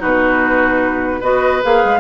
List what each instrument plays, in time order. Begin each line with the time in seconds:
0.00 bassoon B2, clarinet D#4, oboe F#4, flute B4
1.21 bassoon B3, clarinet F#4, oboe B4, flute D#5
1.63 bassoon A#3, clarinet G#4, flute F5
1.85 bassoon G#3